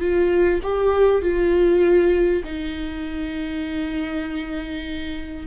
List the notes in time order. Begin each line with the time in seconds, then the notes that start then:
0.00 F4
0.63 G4
1.22 F4
2.44 D#4